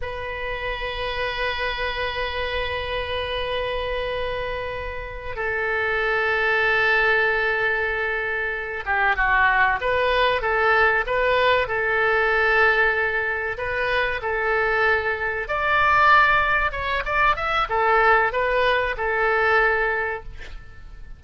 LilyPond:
\new Staff \with { instrumentName = "oboe" } { \time 4/4 \tempo 4 = 95 b'1~ | b'1~ | b'8 a'2.~ a'8~ | a'2 g'8 fis'4 b'8~ |
b'8 a'4 b'4 a'4.~ | a'4. b'4 a'4.~ | a'8 d''2 cis''8 d''8 e''8 | a'4 b'4 a'2 | }